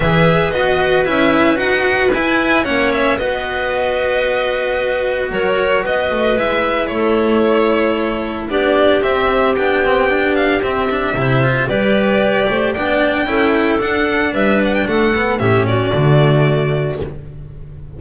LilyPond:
<<
  \new Staff \with { instrumentName = "violin" } { \time 4/4 \tempo 4 = 113 e''4 dis''4 e''4 fis''4 | gis''4 fis''8 e''8 dis''2~ | dis''2 cis''4 dis''4 | e''4 cis''2. |
d''4 e''4 g''4. f''8 | e''2 d''2 | g''2 fis''4 e''8 fis''16 g''16 | fis''4 e''8 d''2~ d''8 | }
  \new Staff \with { instrumentName = "clarinet" } { \time 4/4 b'1~ | b'4 cis''4 b'2~ | b'2 ais'4 b'4~ | b'4 a'2. |
g'1~ | g'4 c''4 b'4. c''8 | d''4 a'2 b'4 | a'4 g'8 fis'2~ fis'8 | }
  \new Staff \with { instrumentName = "cello" } { \time 4/4 gis'4 fis'4 e'4 fis'4 | e'4 cis'4 fis'2~ | fis'1 | e'1 |
d'4 c'4 d'8 c'8 d'4 | c'8 d'8 e'8 f'8 g'2 | d'4 e'4 d'2~ | d'8 b8 cis'4 a2 | }
  \new Staff \with { instrumentName = "double bass" } { \time 4/4 e4 b4 cis'4 dis'4 | e'4 ais4 b2~ | b2 fis4 b8 a8 | gis4 a2. |
b4 c'4 b2 | c'4 c4 g4. a8 | b4 cis'4 d'4 g4 | a4 a,4 d2 | }
>>